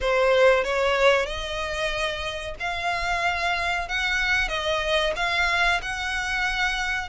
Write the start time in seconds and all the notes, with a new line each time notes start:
0.00 C5
0.64 C#5
1.26 D#5
2.59 F5
3.88 F#5
4.48 D#5
5.16 F5
5.82 F#5